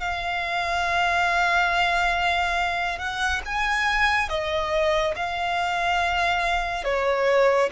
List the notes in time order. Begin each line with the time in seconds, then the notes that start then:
0.00 F5
2.98 F#5
3.45 G#5
4.29 D#5
5.15 F5
6.84 C#5